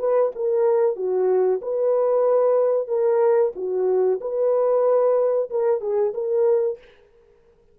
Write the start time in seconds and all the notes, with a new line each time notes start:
0.00 B4
0.36 A#4
0.96 F#4
1.62 B4
2.88 A#4
3.56 F#4
4.21 B4
5.51 A#4
5.82 G#4
6.15 A#4